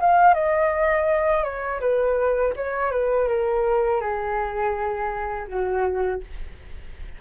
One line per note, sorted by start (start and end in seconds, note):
0.00 0.34 F5
0.34 1.43 D#5
1.43 1.80 C#5
1.80 2.53 B4
2.56 2.91 C#5
2.91 3.28 B4
3.28 4.00 A#4
4.00 5.47 G#4
5.47 6.20 F#4